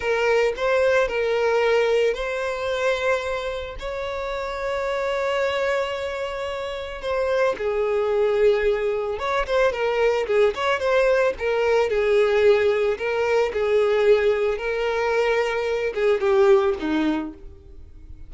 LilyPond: \new Staff \with { instrumentName = "violin" } { \time 4/4 \tempo 4 = 111 ais'4 c''4 ais'2 | c''2. cis''4~ | cis''1~ | cis''4 c''4 gis'2~ |
gis'4 cis''8 c''8 ais'4 gis'8 cis''8 | c''4 ais'4 gis'2 | ais'4 gis'2 ais'4~ | ais'4. gis'8 g'4 dis'4 | }